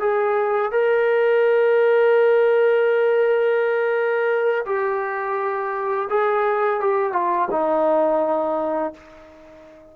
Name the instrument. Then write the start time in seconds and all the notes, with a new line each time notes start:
trombone
0.00 G#4
0.72 A#4
4.66 G4
6.10 G#4
6.80 G4
7.13 F4
7.51 D#4